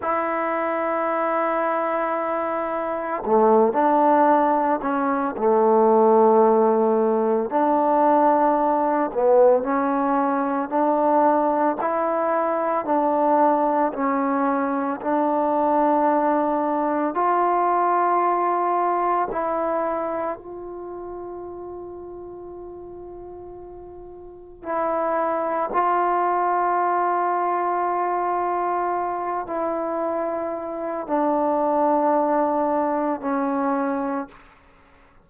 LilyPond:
\new Staff \with { instrumentName = "trombone" } { \time 4/4 \tempo 4 = 56 e'2. a8 d'8~ | d'8 cis'8 a2 d'4~ | d'8 b8 cis'4 d'4 e'4 | d'4 cis'4 d'2 |
f'2 e'4 f'4~ | f'2. e'4 | f'2.~ f'8 e'8~ | e'4 d'2 cis'4 | }